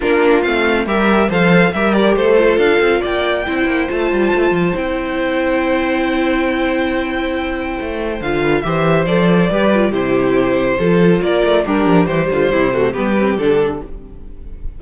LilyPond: <<
  \new Staff \with { instrumentName = "violin" } { \time 4/4 \tempo 4 = 139 ais'4 f''4 e''4 f''4 | e''8 d''8 c''4 f''4 g''4~ | g''4 a''2 g''4~ | g''1~ |
g''2. f''4 | e''4 d''2 c''4~ | c''2 d''4 ais'4 | c''2 b'4 a'4 | }
  \new Staff \with { instrumentName = "violin" } { \time 4/4 f'2 ais'4 c''4 | ais'4 a'2 d''4 | c''1~ | c''1~ |
c''2.~ c''8 b'8 | c''2 b'4 g'4~ | g'4 a'4 ais'4 d'4 | g'8 f'8 e'8 fis'8 g'2 | }
  \new Staff \with { instrumentName = "viola" } { \time 4/4 d'4 c'4 g'4 a'4 | g'4. f'2~ f'8 | e'4 f'2 e'4~ | e'1~ |
e'2. f'4 | g'4 a'4 g'8 f'8 e'4~ | e'4 f'2 g'4 | g4. a8 b8 c'8 d'4 | }
  \new Staff \with { instrumentName = "cello" } { \time 4/4 ais4 a4 g4 f4 | g4 a4 d'8 c'8 ais4 | c'8 ais8 a8 g8 a8 f8 c'4~ | c'1~ |
c'2 a4 d4 | e4 f4 g4 c4~ | c4 f4 ais8 a8 g8 f8 | e8 d8 c4 g4 d4 | }
>>